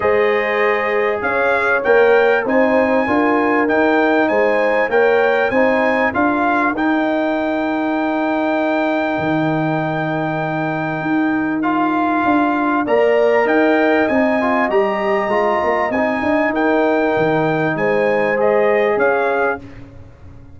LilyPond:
<<
  \new Staff \with { instrumentName = "trumpet" } { \time 4/4 \tempo 4 = 98 dis''2 f''4 g''4 | gis''2 g''4 gis''4 | g''4 gis''4 f''4 g''4~ | g''1~ |
g''2. f''4~ | f''4 ais''4 g''4 gis''4 | ais''2 gis''4 g''4~ | g''4 gis''4 dis''4 f''4 | }
  \new Staff \with { instrumentName = "horn" } { \time 4/4 c''2 cis''2 | c''4 ais'2 c''4 | cis''4 c''4 ais'2~ | ais'1~ |
ais'1~ | ais'4 d''4 dis''2~ | dis''2. ais'4~ | ais'4 c''2 cis''4 | }
  \new Staff \with { instrumentName = "trombone" } { \time 4/4 gis'2. ais'4 | dis'4 f'4 dis'2 | ais'4 dis'4 f'4 dis'4~ | dis'1~ |
dis'2. f'4~ | f'4 ais'2 dis'8 f'8 | g'4 f'4 dis'2~ | dis'2 gis'2 | }
  \new Staff \with { instrumentName = "tuba" } { \time 4/4 gis2 cis'4 ais4 | c'4 d'4 dis'4 gis4 | ais4 c'4 d'4 dis'4~ | dis'2. dis4~ |
dis2 dis'2 | d'4 ais4 dis'4 c'4 | g4 gis8 ais8 c'8 d'8 dis'4 | dis4 gis2 cis'4 | }
>>